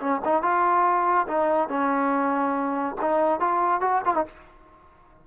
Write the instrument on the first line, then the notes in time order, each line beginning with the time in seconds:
trombone
0.00 C#4
0.25 D#4
0.42 F4
1.28 D#4
1.69 C#4
3.01 D#4
3.40 F4
3.81 F#4
4.05 F4
4.15 D#4